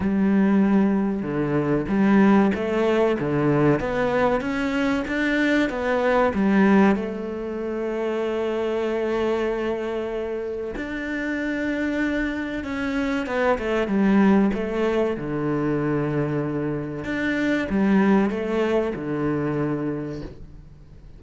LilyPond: \new Staff \with { instrumentName = "cello" } { \time 4/4 \tempo 4 = 95 g2 d4 g4 | a4 d4 b4 cis'4 | d'4 b4 g4 a4~ | a1~ |
a4 d'2. | cis'4 b8 a8 g4 a4 | d2. d'4 | g4 a4 d2 | }